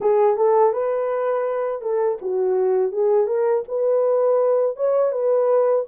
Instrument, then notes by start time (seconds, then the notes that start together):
horn
0.00 G#4
0.37 A4
0.73 B4
1.81 A4
2.21 F#4
2.92 G#4
3.27 A#4
3.68 B4
4.76 C#5
5.12 B4